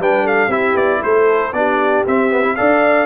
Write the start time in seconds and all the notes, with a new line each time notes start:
0.00 G3 D4 B4 G5
0.24 A4 F5
0.48 C4 E4 G4 E5
0.75 B3 D5
1.04 A3 A4 C5
1.53 B3 D4 G4 D5
2.07 C4 E5
2.31 B3
2.43 E4
2.57 D4 A4 D5 F5